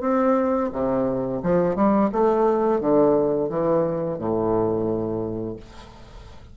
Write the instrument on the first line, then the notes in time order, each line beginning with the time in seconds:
bassoon
0.00 C4
0.72 C3
1.42 F3
1.75 G3
2.12 A3
2.80 D3
3.49 E3
4.18 A2